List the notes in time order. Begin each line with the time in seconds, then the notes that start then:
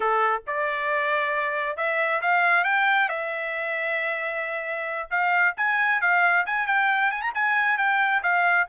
0.00 A4
0.46 D5
1.76 E5
2.21 F5
2.64 G5
3.08 E5
5.10 F5
5.57 G#5
6.01 F5
6.45 G#5
6.66 G5
7.11 G#5
7.21 A#5
7.34 G#5
7.77 G5
8.22 F5